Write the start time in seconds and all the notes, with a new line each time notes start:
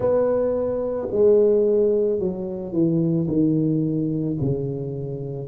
0.00 B3
1.12 G#3
2.19 F#3
2.72 E3
3.27 D#3
4.41 C#3